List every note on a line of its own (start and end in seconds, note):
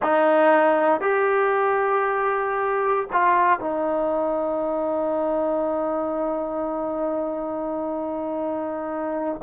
0.02 1.00 D#4
1.00 3.07 G4
3.12 3.59 F4
3.59 9.41 D#4